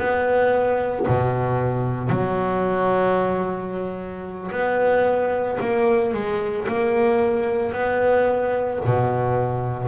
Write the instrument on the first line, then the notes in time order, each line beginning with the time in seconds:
double bass
0.00 B3
1.08 B2
2.10 F#3
4.52 B3
5.61 A#3
6.14 G#3
6.68 A#3
7.73 B3
8.86 B2